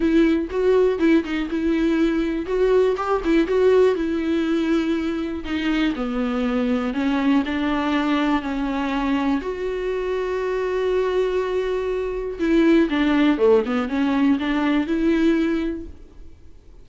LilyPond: \new Staff \with { instrumentName = "viola" } { \time 4/4 \tempo 4 = 121 e'4 fis'4 e'8 dis'8 e'4~ | e'4 fis'4 g'8 e'8 fis'4 | e'2. dis'4 | b2 cis'4 d'4~ |
d'4 cis'2 fis'4~ | fis'1~ | fis'4 e'4 d'4 a8 b8 | cis'4 d'4 e'2 | }